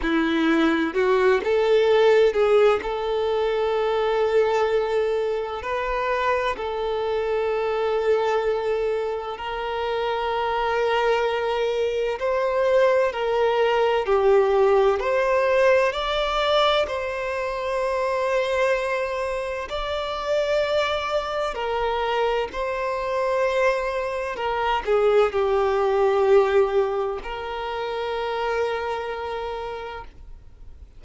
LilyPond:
\new Staff \with { instrumentName = "violin" } { \time 4/4 \tempo 4 = 64 e'4 fis'8 a'4 gis'8 a'4~ | a'2 b'4 a'4~ | a'2 ais'2~ | ais'4 c''4 ais'4 g'4 |
c''4 d''4 c''2~ | c''4 d''2 ais'4 | c''2 ais'8 gis'8 g'4~ | g'4 ais'2. | }